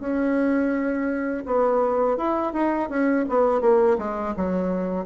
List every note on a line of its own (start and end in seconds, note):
0.00 1.45 C#4
1.46 2.18 B3
2.18 2.53 E4
2.53 2.89 D#4
2.89 3.26 C#4
3.29 3.61 B3
3.61 3.98 A#3
3.99 4.35 G#3
4.37 5.06 F#3